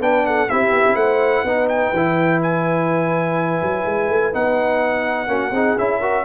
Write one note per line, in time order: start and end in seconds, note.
0.00 0.48 B3
0.00 0.49 D4
0.00 0.25 B4
0.00 0.27 G5
0.27 0.51 A4
0.27 0.50 F#5
0.50 0.72 C4
0.50 1.46 E4
0.50 0.98 G4
0.50 0.96 E5
0.72 0.84 B3
0.87 0.96 C4
0.96 1.44 A3
0.96 1.46 C5
0.96 1.68 F#5
1.44 1.92 B3
1.44 1.94 D#4
1.44 5.30 B4
1.69 2.41 G5
1.93 3.61 E3
1.93 4.33 E4
2.42 4.34 G#5
3.62 3.85 F#3
3.85 4.09 G#3
4.09 4.33 A3
4.33 5.28 B3
4.33 5.28 D#4
4.33 5.79 F#5
5.28 5.51 A#3
5.28 5.52 C#4
5.28 5.52 F#4
5.51 5.75 C4
5.51 5.78 D#4
5.51 6.00 G#4
5.78 6.25 C#4
5.78 6.02 E4
5.78 6.25 E5
6.00 6.25 F#4
6.00 6.24 A#4